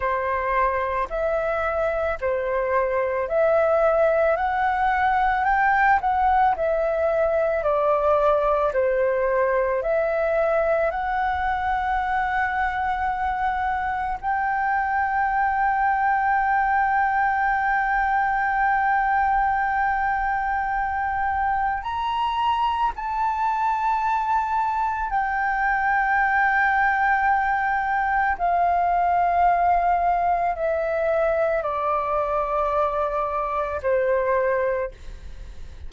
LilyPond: \new Staff \with { instrumentName = "flute" } { \time 4/4 \tempo 4 = 55 c''4 e''4 c''4 e''4 | fis''4 g''8 fis''8 e''4 d''4 | c''4 e''4 fis''2~ | fis''4 g''2.~ |
g''1 | ais''4 a''2 g''4~ | g''2 f''2 | e''4 d''2 c''4 | }